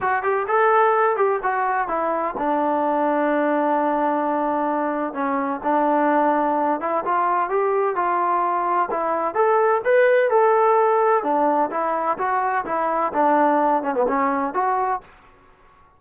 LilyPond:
\new Staff \with { instrumentName = "trombone" } { \time 4/4 \tempo 4 = 128 fis'8 g'8 a'4. g'8 fis'4 | e'4 d'2.~ | d'2. cis'4 | d'2~ d'8 e'8 f'4 |
g'4 f'2 e'4 | a'4 b'4 a'2 | d'4 e'4 fis'4 e'4 | d'4. cis'16 b16 cis'4 fis'4 | }